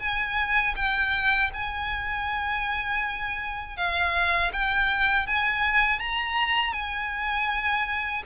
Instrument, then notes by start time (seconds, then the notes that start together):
violin
0.00 G#5
0.76 G5
1.54 G#5
3.77 F5
4.53 G5
5.27 G#5
6.00 A#5
6.73 G#5